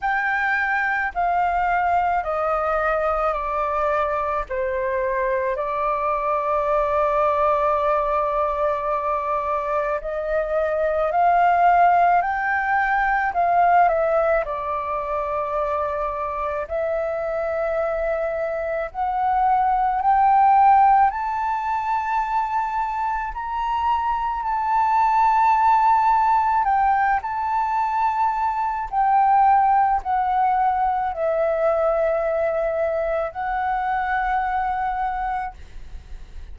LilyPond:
\new Staff \with { instrumentName = "flute" } { \time 4/4 \tempo 4 = 54 g''4 f''4 dis''4 d''4 | c''4 d''2.~ | d''4 dis''4 f''4 g''4 | f''8 e''8 d''2 e''4~ |
e''4 fis''4 g''4 a''4~ | a''4 ais''4 a''2 | g''8 a''4. g''4 fis''4 | e''2 fis''2 | }